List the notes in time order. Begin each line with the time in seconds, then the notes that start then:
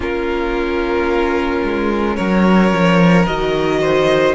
0.00 A#3 C#4 F4 A#4
1.63 G#3
2.16 F#3 A#4 C#5
2.72 F3
3.26 D#3 F#4 D#5
3.80 C5